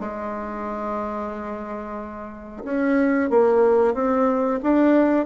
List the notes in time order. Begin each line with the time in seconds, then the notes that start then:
0.00 G#3
2.64 C#4
3.30 A#3
3.94 C4
4.63 D4